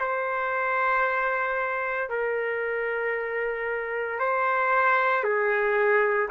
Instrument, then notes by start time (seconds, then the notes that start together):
trumpet
0.00 C5
2.10 A#4
4.20 C5
5.24 G#4